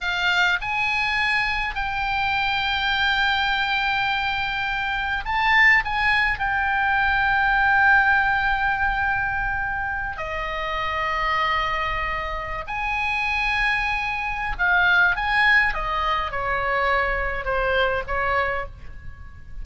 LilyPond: \new Staff \with { instrumentName = "oboe" } { \time 4/4 \tempo 4 = 103 f''4 gis''2 g''4~ | g''1~ | g''4 a''4 gis''4 g''4~ | g''1~ |
g''4. dis''2~ dis''8~ | dis''4.~ dis''16 gis''2~ gis''16~ | gis''4 f''4 gis''4 dis''4 | cis''2 c''4 cis''4 | }